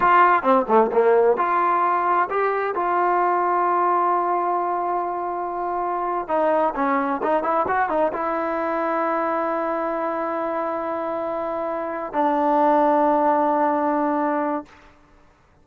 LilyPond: \new Staff \with { instrumentName = "trombone" } { \time 4/4 \tempo 4 = 131 f'4 c'8 a8 ais4 f'4~ | f'4 g'4 f'2~ | f'1~ | f'4.~ f'16 dis'4 cis'4 dis'16~ |
dis'16 e'8 fis'8 dis'8 e'2~ e'16~ | e'1~ | e'2~ e'8 d'4.~ | d'1 | }